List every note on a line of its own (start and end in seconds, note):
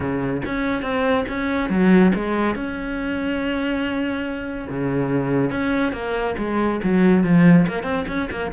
0.00 0.42 C#3
0.45 0.82 C#4
0.82 1.25 C4
1.28 1.69 C#4
1.69 2.12 F#3
2.15 2.55 G#3
2.55 4.67 C#4
4.69 5.50 C#3
5.50 5.92 C#4
5.92 6.35 A#3
6.38 6.80 G#3
6.83 7.23 F#3
7.23 7.66 F3
7.67 7.83 A#3
7.83 8.04 C4
8.07 8.29 C#4
8.30 8.51 A#3